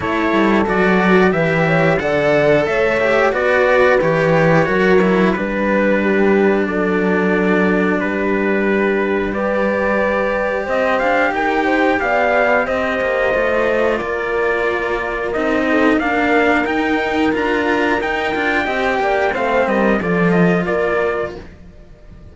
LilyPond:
<<
  \new Staff \with { instrumentName = "trumpet" } { \time 4/4 \tempo 4 = 90 cis''4 d''4 e''4 fis''4 | e''4 d''4 cis''2 | b'2 d''2 | b'2 d''2 |
dis''8 f''8 g''4 f''4 dis''4~ | dis''4 d''2 dis''4 | f''4 g''4 ais''4 g''4~ | g''4 f''8 dis''8 d''8 dis''8 d''4 | }
  \new Staff \with { instrumentName = "horn" } { \time 4/4 a'2 b'8 cis''8 d''4 | cis''4 b'2 ais'4 | b'4 g'4 a'2 | g'2 b'2 |
c''4 ais'8 c''8 d''4 c''4~ | c''4 ais'2~ ais'8 a'8 | ais'1 | dis''8 d''8 c''8 ais'8 a'4 ais'4 | }
  \new Staff \with { instrumentName = "cello" } { \time 4/4 e'4 fis'4 g'4 a'4~ | a'8 g'8 fis'4 g'4 fis'8 e'8 | d'1~ | d'2 g'2~ |
g'1 | f'2. dis'4 | d'4 dis'4 f'4 dis'8 f'8 | g'4 c'4 f'2 | }
  \new Staff \with { instrumentName = "cello" } { \time 4/4 a8 g8 fis4 e4 d4 | a4 b4 e4 fis4 | g2 fis2 | g1 |
c'8 d'8 dis'4 b4 c'8 ais8 | a4 ais2 c'4 | ais4 dis'4 d'4 dis'8 d'8 | c'8 ais8 a8 g8 f4 ais4 | }
>>